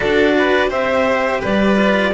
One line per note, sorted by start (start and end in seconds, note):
0.00 0.70 D4
0.00 0.68 F#4
0.00 0.34 A4
0.00 0.70 D5
0.38 0.69 B4
0.68 1.42 C4
0.68 1.75 G4
0.68 1.40 C5
0.68 1.42 E5
1.40 2.13 G3
1.40 2.11 B4
1.40 2.13 D5
1.76 2.12 F4